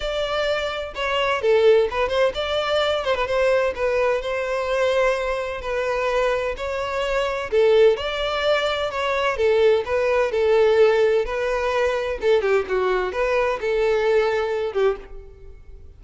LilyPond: \new Staff \with { instrumentName = "violin" } { \time 4/4 \tempo 4 = 128 d''2 cis''4 a'4 | b'8 c''8 d''4. c''16 b'16 c''4 | b'4 c''2. | b'2 cis''2 |
a'4 d''2 cis''4 | a'4 b'4 a'2 | b'2 a'8 g'8 fis'4 | b'4 a'2~ a'8 g'8 | }